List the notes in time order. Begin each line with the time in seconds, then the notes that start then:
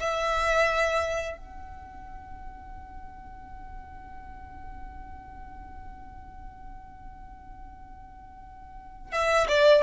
0.00 E5
1.38 F#5
9.13 E5
9.49 D5